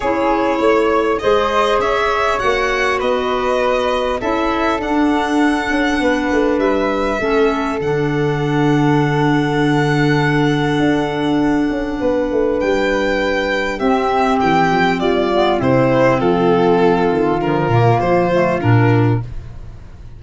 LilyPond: <<
  \new Staff \with { instrumentName = "violin" } { \time 4/4 \tempo 4 = 100 cis''2 dis''4 e''4 | fis''4 dis''2 e''4 | fis''2. e''4~ | e''4 fis''2.~ |
fis''1~ | fis''4 g''2 e''4 | g''4 d''4 c''4 a'4~ | a'4 ais'4 c''4 ais'4 | }
  \new Staff \with { instrumentName = "flute" } { \time 4/4 gis'4 cis''4 c''4 cis''4~ | cis''4 b'2 a'4~ | a'2 b'2 | a'1~ |
a'1 | b'2. g'4~ | g'4 f'4 e'4 f'4~ | f'1 | }
  \new Staff \with { instrumentName = "clarinet" } { \time 4/4 e'2 gis'2 | fis'2. e'4 | d'1 | cis'4 d'2.~ |
d'1~ | d'2. c'4~ | c'4. b8 c'2~ | c'4 f8 ais4 a8 d'4 | }
  \new Staff \with { instrumentName = "tuba" } { \time 4/4 cis'4 a4 gis4 cis'4 | ais4 b2 cis'4 | d'4. cis'8 b8 a8 g4 | a4 d2.~ |
d2 d'4. cis'8 | b8 a8 g2 c'4 | e8 f8 g4 c4 f4~ | f8 dis8 d8 ais,8 f4 ais,4 | }
>>